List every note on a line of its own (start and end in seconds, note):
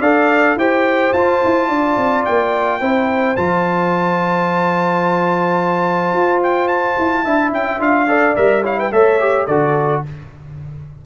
0.00 0.56 D4
0.00 0.58 A4
0.00 0.56 D5
0.00 0.57 F5
0.56 1.12 E4
0.56 1.15 G4
0.56 1.69 C5
0.56 1.14 G5
1.13 1.41 F4
1.13 2.81 F4
1.13 2.25 A5
1.45 1.69 E4
1.69 1.97 D4
1.69 2.80 D5
1.97 2.25 C4
2.26 2.81 A#3
2.26 3.37 G5
2.81 3.37 C4
2.81 3.36 E4
2.81 7.24 C5
3.37 6.13 F3
3.37 7.26 F4
3.37 6.42 A5
6.13 6.96 F4
6.43 6.68 G5
6.68 7.52 A5
6.98 7.25 E4
7.24 7.53 D4
7.24 7.80 E4
7.24 8.08 E5
7.53 7.80 C#4
7.53 7.82 G5
7.80 8.35 D4
7.80 8.08 F4
7.80 8.36 F5
8.08 8.36 A4
8.08 8.63 D5
8.36 8.92 G3
8.36 8.64 A#4
8.36 8.64 E5
8.63 8.92 E4
8.63 8.77 C#5
8.63 8.80 F5
8.78 8.92 B4
8.78 8.93 G5
8.92 9.48 A3
8.92 9.20 A4
8.92 9.48 C#5
8.92 9.47 E5
9.20 9.48 G4
9.47 10.03 D3
9.47 10.06 F#4
9.47 10.03 A4
9.47 10.03 D5